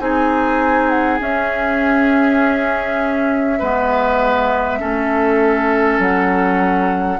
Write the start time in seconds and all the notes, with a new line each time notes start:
0.00 C4 D#4 G#4 G#5
0.89 F#5
1.20 C#4 E5
3.59 G#3 B3 B4
4.79 A3 C#4 A4
5.99 F#3 F#5